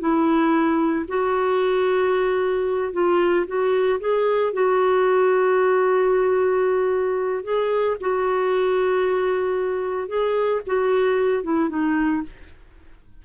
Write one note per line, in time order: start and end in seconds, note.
0.00 1.06 E4
1.09 2.93 F#4
2.93 3.46 F4
3.47 4.00 F#4
4.01 4.53 G#4
4.53 7.44 F#4
7.44 7.97 G#4
8.01 10.08 F#4
10.08 10.61 G#4
10.67 11.44 F#4
11.44 11.70 E4
11.70 12.23 D#4